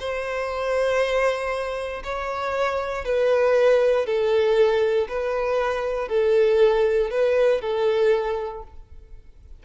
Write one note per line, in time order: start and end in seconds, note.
0.00 2.03 C5
2.04 3.05 C#5
3.05 4.07 B4
4.07 5.08 A4
5.09 6.09 B4
6.09 7.11 A4
7.11 7.62 B4
7.62 8.63 A4